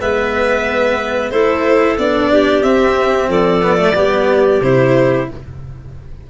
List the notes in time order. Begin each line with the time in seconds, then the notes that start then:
0.00 G#3 B3 B4 E5
1.30 A3 E4 A4 C5
1.98 B3 D4 D5
2.32 G4
2.63 C4 E5
3.28 F3 A4 D5
3.62 B3
3.77 A3
3.95 G3 B3 G4
4.61 C3 E4 C5